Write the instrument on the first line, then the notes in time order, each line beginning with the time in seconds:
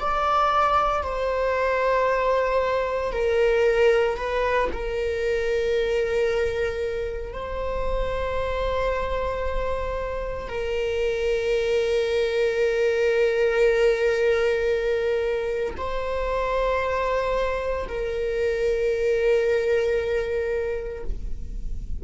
viola
0.00 D5
1.03 C5
3.12 A#4
4.17 B4
4.72 A#4
7.33 C5
10.48 A#4
15.77 C5
17.88 A#4